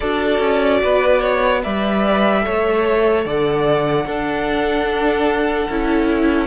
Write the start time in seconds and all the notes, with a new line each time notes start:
0.00 D4 F#4 A4 D5
0.39 C#4
0.83 B3 B4
1.20 C#5
1.62 G3 B4 D5 E5
2.41 A3 A4 C#5
3.24 D3 D5 F#5
4.05 D4 A4
5.69 C#4 E4